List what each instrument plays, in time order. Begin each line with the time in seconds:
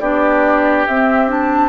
0.00 bassoon B3, clarinet D4, oboe G4, flute D5
0.87 bassoon C4, clarinet C4, flute E5
1.28 clarinet D4, flute A5